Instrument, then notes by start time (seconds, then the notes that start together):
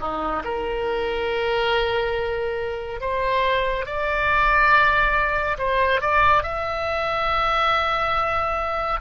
oboe
0.00 D#4
0.44 A#4
3.00 C5
3.85 D5
5.58 C5
6.00 D5
6.43 E5